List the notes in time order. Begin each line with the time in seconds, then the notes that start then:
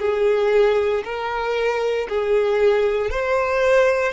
0.00 G#4
1.05 A#4
2.09 G#4
3.11 C5